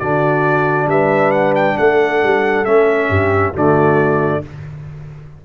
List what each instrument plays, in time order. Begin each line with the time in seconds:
0.00 tuba D3, trombone D4, horn F#4, trumpet D5
0.87 tuba G3, horn B4, trumpet E5
1.32 trumpet F#5
1.56 trumpet G5
1.78 tuba A3, horn A4, trumpet F#5
2.23 tuba G3
2.65 tuba A3, trombone C#4, trumpet E5
3.09 tuba G2, horn G4
3.52 tuba D3, trombone A3, horn F#4, trumpet D5